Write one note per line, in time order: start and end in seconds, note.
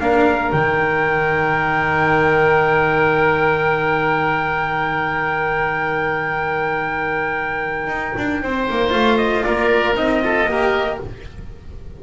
0.00 0.52 A#3
0.00 0.53 D4
0.00 8.43 A#4
0.00 0.52 F5
0.52 7.87 D#3
0.52 8.90 D#4
0.52 8.92 G5
7.87 8.13 D#4
8.18 8.43 D4
8.43 8.69 C4
8.43 9.46 C5
8.70 8.92 A#3
8.90 9.44 A3
8.90 9.94 F4
8.90 9.18 F5
9.18 9.43 D#5
9.43 9.95 A#3
9.43 10.24 A#4
9.43 9.95 D5
9.95 10.45 C4
9.95 10.21 D#4
9.95 11.00 D#5
10.22 10.48 F4
10.22 10.50 A4
10.45 10.97 A#3
10.45 11.00 G4
10.45 11.03 A#4